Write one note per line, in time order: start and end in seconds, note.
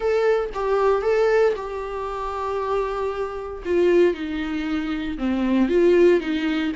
0.00 0.49 A4
0.53 1.01 G4
1.01 1.53 A4
1.56 3.63 G4
3.65 4.14 F4
4.14 5.17 D#4
5.17 5.68 C4
5.68 6.20 F4
6.20 6.71 D#4